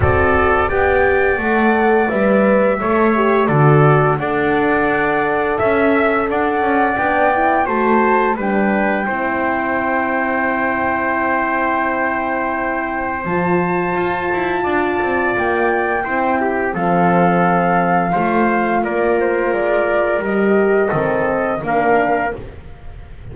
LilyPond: <<
  \new Staff \with { instrumentName = "flute" } { \time 4/4 \tempo 4 = 86 d''4 g''4 fis''4 e''4~ | e''4 d''4 fis''2 | e''4 fis''4 g''4 a''4 | g''1~ |
g''2. a''4~ | a''2 g''2 | f''2. d''8 c''8 | d''4 dis''2 f''4 | }
  \new Staff \with { instrumentName = "trumpet" } { \time 4/4 a'4 d''2. | cis''4 a'4 d''2 | e''4 d''2 c''4 | b'4 c''2.~ |
c''1~ | c''4 d''2 c''8 g'8 | a'2 c''4 ais'4~ | ais'2 a'4 ais'4 | }
  \new Staff \with { instrumentName = "horn" } { \time 4/4 fis'4 g'4 a'4 b'4 | a'8 g'8 fis'4 a'2~ | a'2 d'8 e'8 fis'4 | d'4 e'2.~ |
e'2. f'4~ | f'2. e'4 | c'2 f'2~ | f'4 g'4 c'4 d'4 | }
  \new Staff \with { instrumentName = "double bass" } { \time 4/4 c'4 b4 a4 g4 | a4 d4 d'2 | cis'4 d'8 cis'8 b4 a4 | g4 c'2.~ |
c'2. f4 | f'8 e'8 d'8 c'8 ais4 c'4 | f2 a4 ais4 | gis4 g4 dis4 ais4 | }
>>